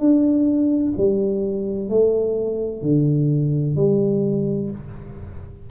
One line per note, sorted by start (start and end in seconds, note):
0.00 0.94 D4
0.98 1.90 G3
1.90 2.83 A3
2.83 3.76 D3
3.77 4.70 G3